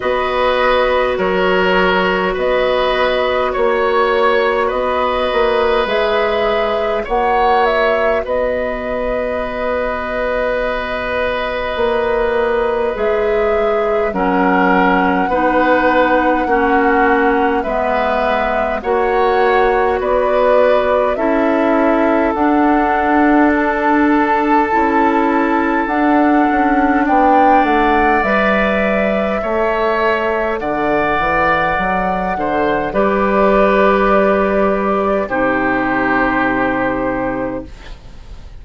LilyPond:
<<
  \new Staff \with { instrumentName = "flute" } { \time 4/4 \tempo 4 = 51 dis''4 cis''4 dis''4 cis''4 | dis''4 e''4 fis''8 e''8 dis''4~ | dis''2. e''4 | fis''2. e''4 |
fis''4 d''4 e''4 fis''4 | a''2 fis''4 g''8 fis''8 | e''2 fis''2 | d''2 c''2 | }
  \new Staff \with { instrumentName = "oboe" } { \time 4/4 b'4 ais'4 b'4 cis''4 | b'2 cis''4 b'4~ | b'1 | ais'4 b'4 fis'4 b'4 |
cis''4 b'4 a'2~ | a'2. d''4~ | d''4 cis''4 d''4. c''8 | b'2 g'2 | }
  \new Staff \with { instrumentName = "clarinet" } { \time 4/4 fis'1~ | fis'4 gis'4 fis'2~ | fis'2. gis'4 | cis'4 dis'4 cis'4 b4 |
fis'2 e'4 d'4~ | d'4 e'4 d'2 | b'4 a'2. | g'2 dis'2 | }
  \new Staff \with { instrumentName = "bassoon" } { \time 4/4 b4 fis4 b4 ais4 | b8 ais8 gis4 ais4 b4~ | b2 ais4 gis4 | fis4 b4 ais4 gis4 |
ais4 b4 cis'4 d'4~ | d'4 cis'4 d'8 cis'8 b8 a8 | g4 a4 d8 e8 fis8 d8 | g2 c2 | }
>>